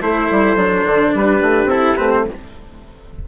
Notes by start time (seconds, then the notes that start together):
0.00 A3 E4 A4 C5
0.31 G3
0.55 F#3 D4
0.86 D3
1.14 G3 G4 B4
1.41 A3
1.65 C4 E4 A4
1.96 A3 C4 B4
2.11 C5